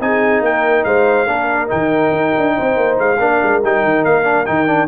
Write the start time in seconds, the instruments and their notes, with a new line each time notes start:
0.00 tuba C4, trombone D#4, horn G#4, trumpet G#5
0.41 tuba A#3, horn A#4, trumpet G5
0.84 tuba G#3, horn C5, trumpet F5
1.27 tuba A#3, trombone D4, horn A#4
1.68 tuba D#3, trombone D#4, trumpet G5
2.11 tuba D#4
2.37 tuba D4
2.56 tuba C4, horn C5
2.77 tuba A#3
2.98 tuba G#3, trumpet F5
3.19 tuba A#3, trombone D4, horn A#4
3.43 tuba G#3
3.63 tuba G3, trombone D#4, trumpet G5
3.84 tuba D#3
4.05 tuba A#3, trumpet F5
4.24 trombone D4
4.45 tuba D#3, trombone D#4, trumpet G5
4.67 trombone D4